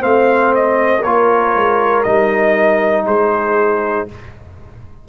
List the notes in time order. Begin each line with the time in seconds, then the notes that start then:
0.00 A3 C4 C5 F5
0.55 D#5
1.01 A#3 F4 A#4 C#5
1.56 G#3
2.04 G3 D#4 D#5
3.07 G#3 G#4 C5